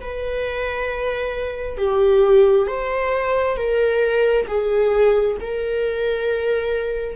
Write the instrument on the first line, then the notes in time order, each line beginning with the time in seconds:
viola
0.00 B4
1.77 G4
2.67 C5
3.56 A#4
4.47 G#4
5.40 A#4